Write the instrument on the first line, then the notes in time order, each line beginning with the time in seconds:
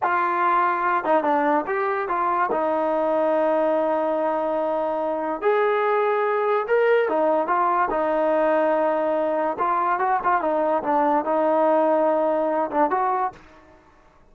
trombone
0.02 F4
1.04 D#4
1.23 D4
1.67 G4
2.08 F4
2.51 D#4
5.41 G#4
6.67 A#4
7.08 D#4
7.47 F4
7.90 D#4
9.58 F4
9.99 F#4
10.23 F4
10.41 D#4
10.83 D4
11.24 D#4
12.71 D4
12.90 F#4